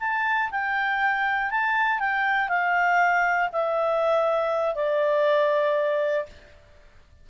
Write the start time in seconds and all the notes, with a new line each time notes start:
0.00 A5
0.51 G5
1.51 A5
2.00 G5
2.48 F5
3.52 E5
4.75 D5